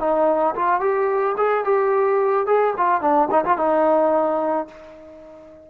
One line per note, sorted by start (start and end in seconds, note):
0.00 0.55 D#4
0.55 0.81 F4
0.81 1.36 G4
1.37 1.65 G#4
1.65 2.47 G4
2.47 2.74 G#4
2.77 3.01 F4
3.01 3.29 D4
3.31 3.45 D#4
3.45 3.58 F4
3.58 4.68 D#4